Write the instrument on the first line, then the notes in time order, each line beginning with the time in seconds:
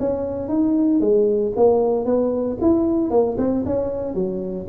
tuba
0.00 C#4
0.49 D#4
1.01 G#3
1.57 A#3
2.06 B3
2.62 E4
3.11 A#3
3.38 C4
3.66 C#4
4.15 F#3